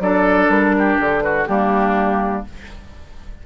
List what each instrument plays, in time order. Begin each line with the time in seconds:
0.00 bassoon F#3, clarinet D4, oboe A4, flute D5
0.49 bassoon G3, flute A#4
0.78 oboe G4
1.00 bassoon D3, flute A4
1.21 oboe F#4, flute B4
1.47 bassoon G3, clarinet A#3, oboe D4, flute G4